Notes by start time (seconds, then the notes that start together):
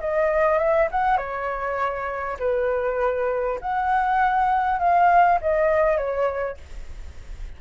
0.00 D#5
0.58 E5
0.91 F#5
1.17 C#5
2.39 B4
3.61 F#5
4.79 F5
5.41 D#5
5.97 C#5